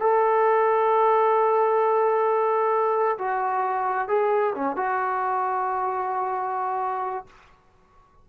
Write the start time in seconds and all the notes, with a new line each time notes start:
0.00 A4
3.19 F#4
4.08 G#4
4.55 C#4
4.77 F#4